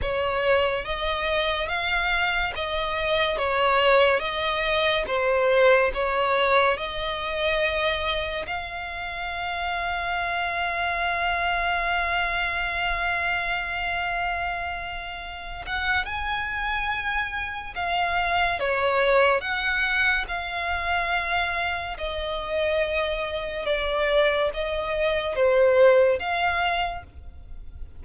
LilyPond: \new Staff \with { instrumentName = "violin" } { \time 4/4 \tempo 4 = 71 cis''4 dis''4 f''4 dis''4 | cis''4 dis''4 c''4 cis''4 | dis''2 f''2~ | f''1~ |
f''2~ f''8 fis''8 gis''4~ | gis''4 f''4 cis''4 fis''4 | f''2 dis''2 | d''4 dis''4 c''4 f''4 | }